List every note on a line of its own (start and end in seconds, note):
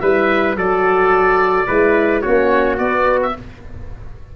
0.00 0.56 G3
0.00 0.57 E4
0.00 0.58 B4
0.00 0.56 E5
0.56 1.67 F#3
0.56 1.68 F#4
0.56 1.67 A4
0.56 2.21 D5
1.67 2.25 G#3
1.67 2.23 E4
1.67 2.22 B4
2.21 2.79 A#3
2.21 2.78 C#4
2.21 3.33 F#4
2.21 2.77 C#5
2.78 3.34 B3
2.78 3.35 B3
2.78 3.20 D5
3.22 3.36 E5